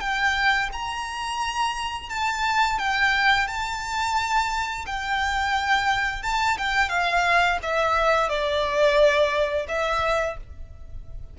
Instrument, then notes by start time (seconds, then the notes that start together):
violin
0.00 G5
0.72 A#5
2.09 A5
2.78 G5
3.47 A5
4.86 G5
6.23 A5
6.58 G5
6.89 F5
7.62 E5
8.29 D5
9.68 E5